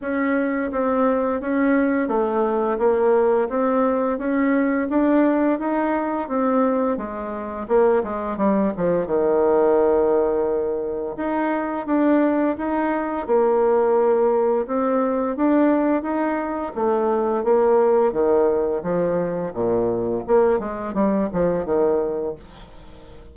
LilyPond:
\new Staff \with { instrumentName = "bassoon" } { \time 4/4 \tempo 4 = 86 cis'4 c'4 cis'4 a4 | ais4 c'4 cis'4 d'4 | dis'4 c'4 gis4 ais8 gis8 | g8 f8 dis2. |
dis'4 d'4 dis'4 ais4~ | ais4 c'4 d'4 dis'4 | a4 ais4 dis4 f4 | ais,4 ais8 gis8 g8 f8 dis4 | }